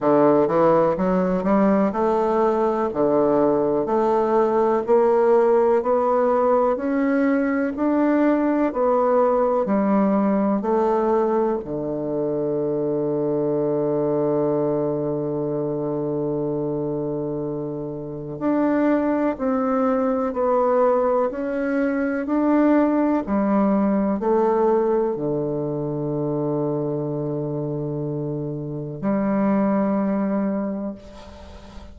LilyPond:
\new Staff \with { instrumentName = "bassoon" } { \time 4/4 \tempo 4 = 62 d8 e8 fis8 g8 a4 d4 | a4 ais4 b4 cis'4 | d'4 b4 g4 a4 | d1~ |
d2. d'4 | c'4 b4 cis'4 d'4 | g4 a4 d2~ | d2 g2 | }